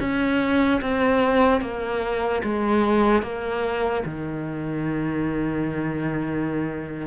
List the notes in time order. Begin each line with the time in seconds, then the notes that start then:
0.00 C#4
0.81 C4
1.61 A#3
2.44 G#3
3.22 A#3
4.05 D#3